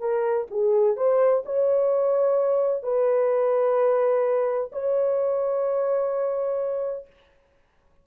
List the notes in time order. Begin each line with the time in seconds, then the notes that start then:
0.00 A#4
0.50 G#4
0.97 C5
1.46 C#5
2.83 B4
4.72 C#5